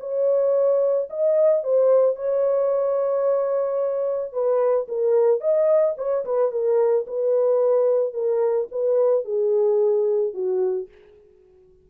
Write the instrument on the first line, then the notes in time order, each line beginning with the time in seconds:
horn
0.00 C#5
1.10 D#5
1.64 C5
2.16 C#5
4.33 B4
4.88 A#4
5.41 D#5
5.98 C#5
6.26 B4
6.52 A#4
7.07 B4
8.14 A#4
8.71 B4
9.25 G#4
10.34 F#4